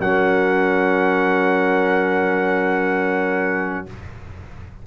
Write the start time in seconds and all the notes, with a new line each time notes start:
0.00 F#3 C#4 A#4 F#5